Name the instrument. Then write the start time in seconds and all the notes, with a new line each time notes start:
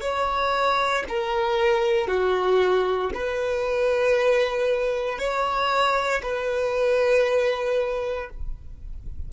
violin
0.00 C#5
1.08 A#4
2.07 F#4
3.14 B4
5.18 C#5
6.23 B4